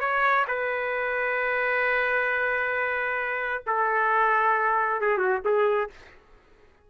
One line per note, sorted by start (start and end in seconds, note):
0.00 0.45 C#5
0.48 3.64 B4
3.66 5.01 A4
5.01 5.18 G#4
5.18 5.41 F#4
5.45 5.90 G#4